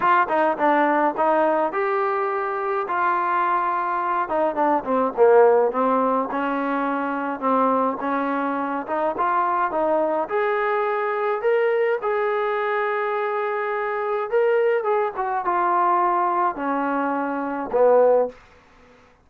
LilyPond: \new Staff \with { instrumentName = "trombone" } { \time 4/4 \tempo 4 = 105 f'8 dis'8 d'4 dis'4 g'4~ | g'4 f'2~ f'8 dis'8 | d'8 c'8 ais4 c'4 cis'4~ | cis'4 c'4 cis'4. dis'8 |
f'4 dis'4 gis'2 | ais'4 gis'2.~ | gis'4 ais'4 gis'8 fis'8 f'4~ | f'4 cis'2 b4 | }